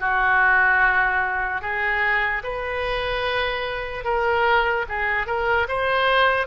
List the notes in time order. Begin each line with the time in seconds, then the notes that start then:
0.00 F#4
1.62 G#4
2.44 B4
4.04 A#4
4.89 G#4
5.27 A#4
5.68 C5